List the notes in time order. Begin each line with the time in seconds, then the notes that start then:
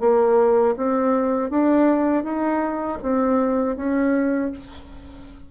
0.00 A#3
0.77 C4
1.50 D4
2.24 D#4
3.02 C4
3.76 C#4